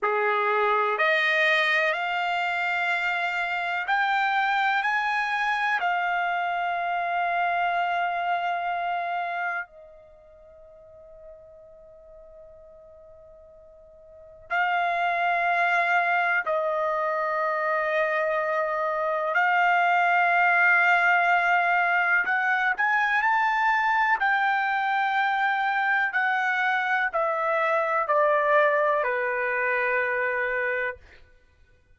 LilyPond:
\new Staff \with { instrumentName = "trumpet" } { \time 4/4 \tempo 4 = 62 gis'4 dis''4 f''2 | g''4 gis''4 f''2~ | f''2 dis''2~ | dis''2. f''4~ |
f''4 dis''2. | f''2. fis''8 gis''8 | a''4 g''2 fis''4 | e''4 d''4 b'2 | }